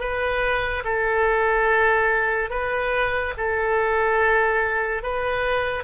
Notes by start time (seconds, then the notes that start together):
0.00 B4
0.85 A4
2.50 B4
3.37 A4
5.03 B4